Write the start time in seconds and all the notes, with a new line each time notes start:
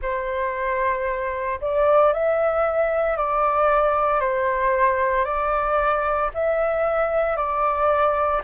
0.02 C5
1.60 D5
2.13 E5
3.16 D5
4.20 C5
5.24 D5
6.34 E5
7.36 D5